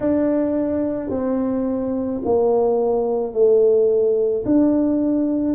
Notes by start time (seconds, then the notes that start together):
0.00 D4
1.09 C4
2.25 A#3
3.33 A3
4.45 D4